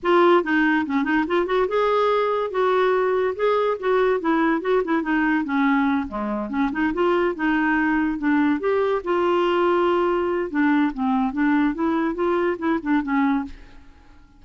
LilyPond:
\new Staff \with { instrumentName = "clarinet" } { \time 4/4 \tempo 4 = 143 f'4 dis'4 cis'8 dis'8 f'8 fis'8 | gis'2 fis'2 | gis'4 fis'4 e'4 fis'8 e'8 | dis'4 cis'4. gis4 cis'8 |
dis'8 f'4 dis'2 d'8~ | d'8 g'4 f'2~ f'8~ | f'4 d'4 c'4 d'4 | e'4 f'4 e'8 d'8 cis'4 | }